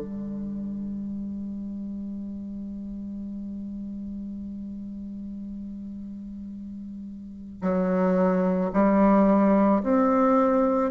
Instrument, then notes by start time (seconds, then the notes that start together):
bassoon
0.00 G3
7.62 F#3
8.73 G3
9.83 C4